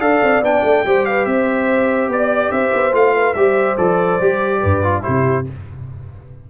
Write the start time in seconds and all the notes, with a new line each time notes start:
0.00 D4 A4 D5 F5
0.23 C4
0.41 B3 D4 G5
0.63 A3
0.85 G3 G4 C5
1.06 B4 F5
1.25 C4 C5 E5
2.08 B3 D5
2.51 C4 C5 E5
2.73 B3
2.92 A3 F4 F5
3.15 B4
3.34 G3 G4 C5 E5
3.77 F3 A4 D5
4.21 G3 G4
4.60 G2 B4
4.84 F4
5.02 C3 E4 G4 C5